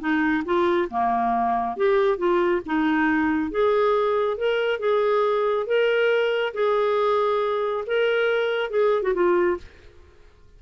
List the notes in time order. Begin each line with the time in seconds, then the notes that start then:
0.00 D#4
0.45 F4
0.90 A#3
1.77 G4
2.18 F4
2.66 D#4
3.51 G#4
4.37 A#4
4.79 G#4
5.66 A#4
6.54 G#4
7.86 A#4
8.70 G#4
9.02 F#4
9.14 F4